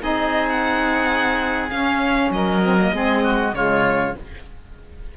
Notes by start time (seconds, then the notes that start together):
0.00 C4 D#4 G#4 D#5
0.49 F#5
1.70 C#4 F5
2.31 F#3 A#4 D#5
2.63 C4
2.79 A#3
2.93 G#3 C4 G#4
3.24 F#4
3.54 C#3 G#3 F4 C#5